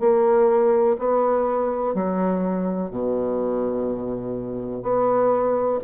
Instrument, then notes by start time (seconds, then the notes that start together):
bassoon
0.00 A#3
0.99 B3
1.94 F#3
2.91 B2
4.83 B3